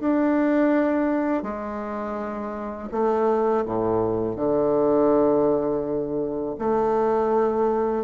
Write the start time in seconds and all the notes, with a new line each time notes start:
0.00 D4
1.43 G#3
2.92 A3
3.65 A2
4.36 D3
6.59 A3